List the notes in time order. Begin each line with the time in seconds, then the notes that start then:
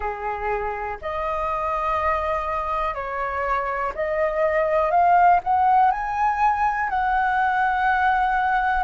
0.00 G#4
1.01 D#5
2.94 C#5
3.94 D#5
4.90 F5
5.43 F#5
5.91 G#5
6.89 F#5